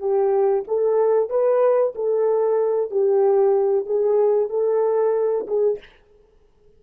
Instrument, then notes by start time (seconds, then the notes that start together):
horn
0.00 G4
0.68 A4
1.30 B4
1.96 A4
2.91 G4
3.87 G#4
4.50 A4
5.47 G#4